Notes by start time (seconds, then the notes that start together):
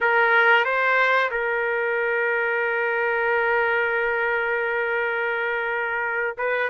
0.00 A#4
0.64 C5
1.30 A#4
6.37 B4